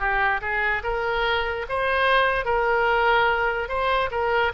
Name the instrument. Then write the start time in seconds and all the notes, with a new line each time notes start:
oboe
0.00 G4
0.42 G#4
0.84 A#4
1.69 C5
2.45 A#4
3.69 C5
4.12 A#4